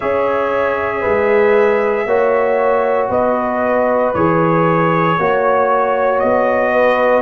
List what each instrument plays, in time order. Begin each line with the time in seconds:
0.00 tuba C#4, trombone G#4, horn C#5, trumpet E5
1.01 tuba G#3, horn B4
2.05 tuba A#3, trombone F#4, horn C#5
3.09 tuba B3, horn B4, trumpet D#5
4.14 tuba E3, trombone G#4, trumpet C#5
5.18 tuba A#3, trombone F#4, horn C#5
6.19 tuba B3, trumpet D#5
6.72 horn B4